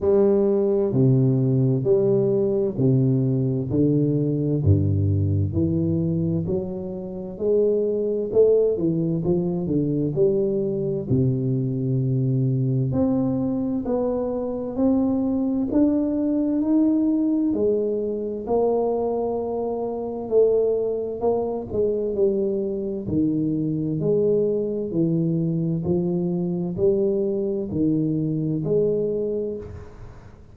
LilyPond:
\new Staff \with { instrumentName = "tuba" } { \time 4/4 \tempo 4 = 65 g4 c4 g4 c4 | d4 g,4 e4 fis4 | gis4 a8 e8 f8 d8 g4 | c2 c'4 b4 |
c'4 d'4 dis'4 gis4 | ais2 a4 ais8 gis8 | g4 dis4 gis4 e4 | f4 g4 dis4 gis4 | }